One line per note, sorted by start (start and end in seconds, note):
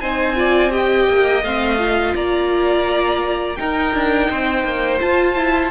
0.00 1.09 C4
0.00 0.36 D#4
0.00 0.36 C5
0.00 0.72 G#5
0.36 0.71 F4
0.36 0.72 D5
0.71 1.42 G4
0.71 2.15 D#5
0.71 1.43 G5
1.09 1.43 A#3
1.43 2.14 A3
1.43 1.79 C4
1.43 2.15 F5
1.79 3.57 F4
2.15 3.58 A#3
2.15 3.58 D5
2.15 3.56 A#5
3.56 5.00 D#4
3.56 3.94 D#4
3.56 4.29 A#4
3.56 4.99 G5
3.94 4.30 D4
4.29 4.64 C4
4.29 5.71 C5
4.64 4.99 A#3
5.00 5.35 F4
5.00 5.71 F4
5.00 5.71 A5
5.35 5.71 E4